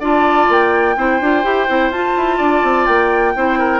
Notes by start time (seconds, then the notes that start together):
0.00 D4 F4 D5
0.06 A5
0.49 A#3 G5
0.97 C4 E4 C5
1.21 D4 F4
1.43 E4 G4
1.68 C4 E4
1.90 F4 A5
2.17 E4
2.38 D4 D5
2.63 C4
2.86 A#3 G5
3.36 C4 E4 C5
3.59 A#4